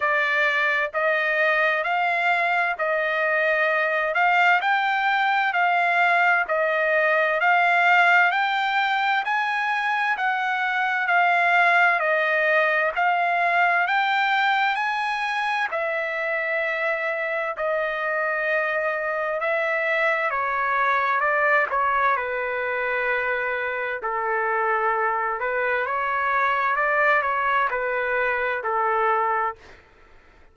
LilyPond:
\new Staff \with { instrumentName = "trumpet" } { \time 4/4 \tempo 4 = 65 d''4 dis''4 f''4 dis''4~ | dis''8 f''8 g''4 f''4 dis''4 | f''4 g''4 gis''4 fis''4 | f''4 dis''4 f''4 g''4 |
gis''4 e''2 dis''4~ | dis''4 e''4 cis''4 d''8 cis''8 | b'2 a'4. b'8 | cis''4 d''8 cis''8 b'4 a'4 | }